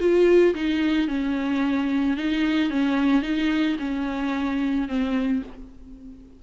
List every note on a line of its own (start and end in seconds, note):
0.00 0.55 F4
0.55 1.08 D#4
1.08 2.17 C#4
2.17 2.70 D#4
2.70 3.23 C#4
3.23 3.77 D#4
3.79 4.88 C#4
4.88 5.43 C4